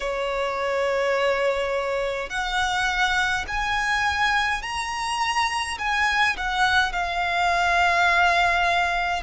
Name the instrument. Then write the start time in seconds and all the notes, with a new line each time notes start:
violin
0.00 C#5
2.29 F#5
3.47 G#5
4.62 A#5
5.78 G#5
6.37 F#5
6.92 F5